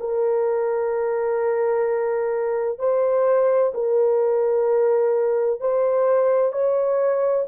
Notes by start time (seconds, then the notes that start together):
0.00 A#4
2.79 C5
3.74 A#4
5.60 C5
6.52 C#5